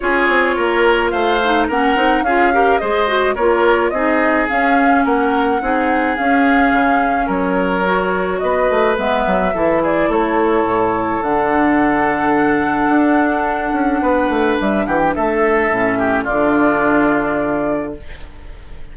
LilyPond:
<<
  \new Staff \with { instrumentName = "flute" } { \time 4/4 \tempo 4 = 107 cis''2 f''4 fis''4 | f''4 dis''4 cis''4 dis''4 | f''4 fis''2 f''4~ | f''4 cis''2 dis''4 |
e''4. d''8 cis''2 | fis''1~ | fis''2 e''8 fis''16 g''16 e''4~ | e''4 d''2. | }
  \new Staff \with { instrumentName = "oboe" } { \time 4/4 gis'4 ais'4 c''4 ais'4 | gis'8 ais'8 c''4 ais'4 gis'4~ | gis'4 ais'4 gis'2~ | gis'4 ais'2 b'4~ |
b'4 a'8 gis'8 a'2~ | a'1~ | a'4 b'4. g'8 a'4~ | a'8 g'8 f'2. | }
  \new Staff \with { instrumentName = "clarinet" } { \time 4/4 f'2~ f'8 dis'8 cis'8 dis'8 | f'8 g'8 gis'8 fis'8 f'4 dis'4 | cis'2 dis'4 cis'4~ | cis'2 fis'2 |
b4 e'2. | d'1~ | d'1 | cis'4 d'2. | }
  \new Staff \with { instrumentName = "bassoon" } { \time 4/4 cis'8 c'8 ais4 a4 ais8 c'8 | cis'4 gis4 ais4 c'4 | cis'4 ais4 c'4 cis'4 | cis4 fis2 b8 a8 |
gis8 fis8 e4 a4 a,4 | d2. d'4~ | d'8 cis'8 b8 a8 g8 e8 a4 | a,4 d2. | }
>>